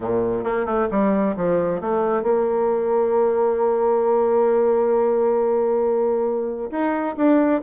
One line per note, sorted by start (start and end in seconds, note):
0.00 0.44 A#2
0.44 0.65 A#3
0.65 0.88 A3
0.90 1.35 G3
1.36 1.80 F3
1.80 2.22 A3
2.22 6.70 A#3
6.70 7.15 D#4
7.16 7.61 D4